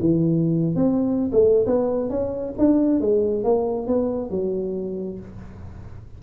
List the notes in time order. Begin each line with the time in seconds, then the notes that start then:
0.00 E3
0.76 C4
1.33 A3
1.67 B3
2.10 C#4
2.58 D4
3.01 G#3
3.44 A#3
3.87 B3
4.31 F#3